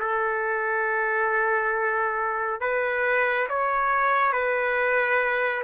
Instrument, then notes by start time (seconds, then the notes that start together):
trumpet
0.00 A4
2.61 B4
3.49 C#5
4.33 B4